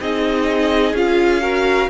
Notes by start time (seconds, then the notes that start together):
0.00 C4 D#4 G#4 D#5
0.93 C#4 F4 F5
1.40 F#4 A#4